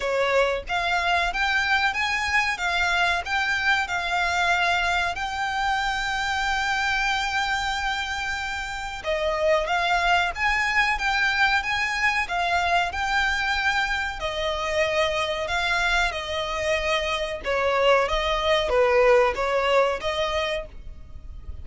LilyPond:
\new Staff \with { instrumentName = "violin" } { \time 4/4 \tempo 4 = 93 cis''4 f''4 g''4 gis''4 | f''4 g''4 f''2 | g''1~ | g''2 dis''4 f''4 |
gis''4 g''4 gis''4 f''4 | g''2 dis''2 | f''4 dis''2 cis''4 | dis''4 b'4 cis''4 dis''4 | }